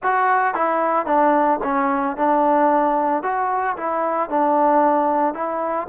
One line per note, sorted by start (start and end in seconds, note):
0.03 0.54 F#4
0.54 1.05 E4
1.05 1.59 D4
1.63 2.16 C#4
2.16 3.23 D4
3.23 3.76 F#4
3.76 4.29 E4
4.29 5.34 D4
5.34 5.87 E4